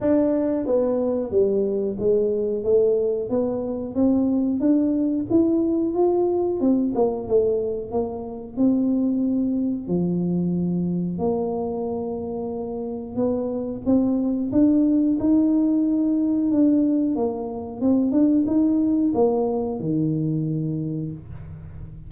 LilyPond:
\new Staff \with { instrumentName = "tuba" } { \time 4/4 \tempo 4 = 91 d'4 b4 g4 gis4 | a4 b4 c'4 d'4 | e'4 f'4 c'8 ais8 a4 | ais4 c'2 f4~ |
f4 ais2. | b4 c'4 d'4 dis'4~ | dis'4 d'4 ais4 c'8 d'8 | dis'4 ais4 dis2 | }